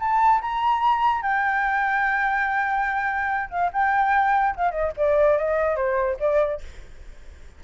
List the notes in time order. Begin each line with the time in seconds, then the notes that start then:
0.00 A5
0.42 A#5
1.23 G5
3.51 F5
3.73 G5
4.56 F5
4.72 D#5
4.97 D5
5.38 D#5
5.76 C5
6.20 D5